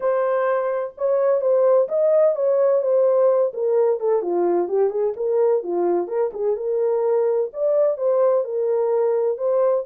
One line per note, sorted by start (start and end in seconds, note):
0.00 0.94 C5
0.97 1.41 C#5
1.41 1.87 C5
1.88 2.35 D#5
2.35 2.82 C#5
2.82 3.52 C5
3.53 4.00 A#4
4.00 4.22 A4
4.22 4.68 F4
4.68 4.90 G4
4.90 5.13 G#4
5.16 5.63 A#4
5.63 6.07 F4
6.07 6.30 A#4
6.33 6.56 G#4
6.56 7.50 A#4
7.53 7.97 D5
7.97 8.44 C5
8.44 9.37 A#4
9.37 9.84 C5